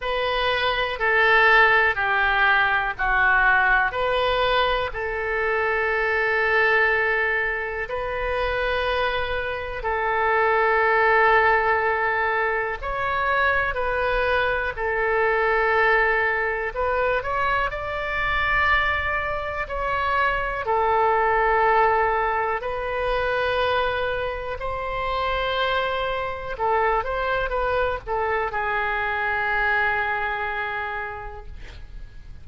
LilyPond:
\new Staff \with { instrumentName = "oboe" } { \time 4/4 \tempo 4 = 61 b'4 a'4 g'4 fis'4 | b'4 a'2. | b'2 a'2~ | a'4 cis''4 b'4 a'4~ |
a'4 b'8 cis''8 d''2 | cis''4 a'2 b'4~ | b'4 c''2 a'8 c''8 | b'8 a'8 gis'2. | }